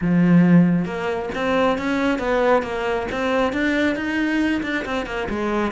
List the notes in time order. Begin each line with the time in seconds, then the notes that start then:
0.01 F3
0.85 A#3
1.34 C4
1.78 C#4
2.18 B3
2.62 A#3
3.11 C4
3.52 D4
3.95 D#4
4.62 D4
4.85 C4
5.06 A#3
5.29 G#3